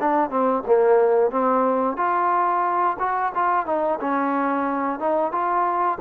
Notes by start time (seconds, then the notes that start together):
0.00 D4
0.30 C4
0.66 A#3
1.31 C4
1.97 F4
2.99 F#4
3.35 F4
3.66 D#4
4.00 C#4
5.00 D#4
5.32 F4